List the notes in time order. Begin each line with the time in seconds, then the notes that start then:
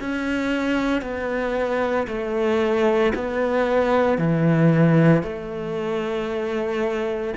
0.00 C#4
1.01 B3
2.07 A3
3.14 B3
4.18 E3
5.23 A3